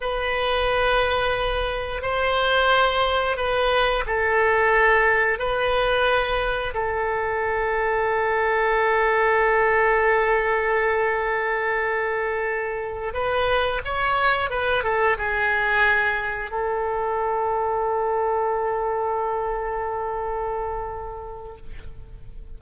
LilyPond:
\new Staff \with { instrumentName = "oboe" } { \time 4/4 \tempo 4 = 89 b'2. c''4~ | c''4 b'4 a'2 | b'2 a'2~ | a'1~ |
a'2.~ a'8 b'8~ | b'8 cis''4 b'8 a'8 gis'4.~ | gis'8 a'2.~ a'8~ | a'1 | }